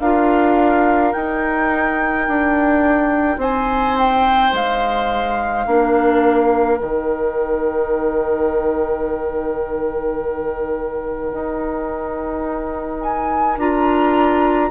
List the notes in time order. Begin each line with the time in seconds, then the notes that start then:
0.00 D4 F4 A#4 F5
1.13 D#4 G5
2.28 D4
3.38 C4 C5 G#5
3.99 G5
4.53 G#3 F5
5.66 A#3 D4 A#4
6.78 D#3 D#4 G5
11.33 D#4
13.01 G#5
13.58 D4 F4 A#5